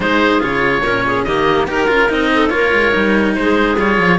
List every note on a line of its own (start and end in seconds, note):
0.00 0.40 G#3
0.00 0.39 D#4
0.00 0.83 G#4
0.00 0.42 C5
0.39 0.82 C#3
0.39 0.81 F4
0.39 1.24 C#5
0.82 1.24 A#2
0.82 1.26 C#4
0.82 1.04 A#4
1.06 1.26 G#4
1.24 1.67 D#3
1.24 1.67 A#3
1.24 1.68 G4
1.24 1.66 D#5
1.67 1.88 D#4
1.67 1.87 G4
1.67 2.31 A#4
1.67 2.11 A#4
1.87 2.09 C#4
1.87 2.08 F4
2.08 2.50 C4
2.08 2.49 D#4
2.08 2.49 D#5
2.34 2.53 A4
2.49 2.71 A#3
2.49 2.91 F4
2.49 3.37 A#4
2.49 3.32 C#5
2.73 2.94 G#3
2.91 3.37 G3
2.91 3.75 D#4
3.34 3.77 G#3
3.34 3.76 C5
3.41 4.19 G#4
3.77 3.98 G3
3.77 4.19 F4
3.77 4.19 C#5
3.98 4.19 F3